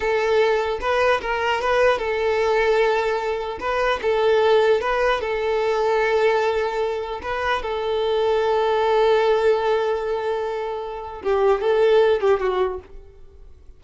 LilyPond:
\new Staff \with { instrumentName = "violin" } { \time 4/4 \tempo 4 = 150 a'2 b'4 ais'4 | b'4 a'2.~ | a'4 b'4 a'2 | b'4 a'2.~ |
a'2 b'4 a'4~ | a'1~ | a'1 | g'4 a'4. g'8 fis'4 | }